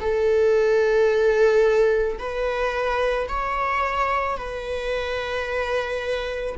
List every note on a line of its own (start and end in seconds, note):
0.00 2.18 A4
2.19 3.28 B4
3.28 4.37 C#5
4.37 6.56 B4